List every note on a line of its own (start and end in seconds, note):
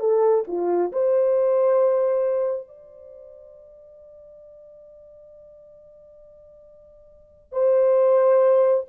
0.00 0.44 A4
0.47 0.91 F4
0.92 2.68 C5
2.68 7.52 D5
7.52 8.84 C5